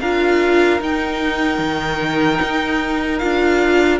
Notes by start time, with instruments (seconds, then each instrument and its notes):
0.00 cello D4, viola F4, violin A#4 F5
0.80 viola D#4, cello D#4, violin G5
1.59 cello D#3
2.42 cello D#4
3.18 cello D4, viola F4, violin F5